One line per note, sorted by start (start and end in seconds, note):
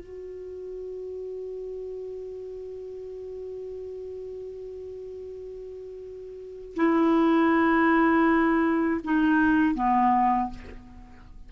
0.00 6.75 F#4
6.76 9.01 E4
9.04 9.75 D#4
9.75 10.50 B3